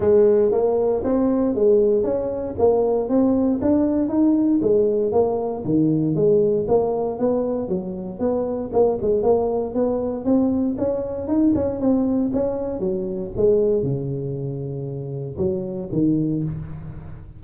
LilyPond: \new Staff \with { instrumentName = "tuba" } { \time 4/4 \tempo 4 = 117 gis4 ais4 c'4 gis4 | cis'4 ais4 c'4 d'4 | dis'4 gis4 ais4 dis4 | gis4 ais4 b4 fis4 |
b4 ais8 gis8 ais4 b4 | c'4 cis'4 dis'8 cis'8 c'4 | cis'4 fis4 gis4 cis4~ | cis2 fis4 dis4 | }